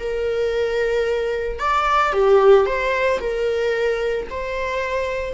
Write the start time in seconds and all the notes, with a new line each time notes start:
0.00 A#4
1.60 D5
2.13 G4
2.66 C5
3.20 A#4
4.31 C5